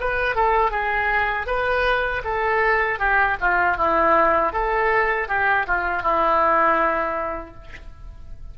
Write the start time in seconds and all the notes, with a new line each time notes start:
0.00 B4
0.35 A4
0.71 G#4
1.46 B4
2.24 A4
2.99 G4
3.40 F4
3.77 E4
4.53 A4
5.28 G4
5.67 F4
6.02 E4